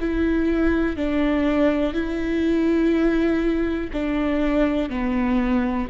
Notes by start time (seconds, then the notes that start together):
0.00 E4
0.97 D4
1.93 E4
3.93 D4
4.89 B3